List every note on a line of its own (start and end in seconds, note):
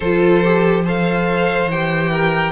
0.00 1.65 F3
0.00 0.43 F4
0.00 0.83 A4
0.00 0.85 C5
0.43 0.85 G4
0.84 1.70 A4
0.84 2.10 C5
0.84 1.70 F5
1.65 2.50 E3
1.65 2.52 G5
1.71 2.52 G4
2.11 2.52 A#4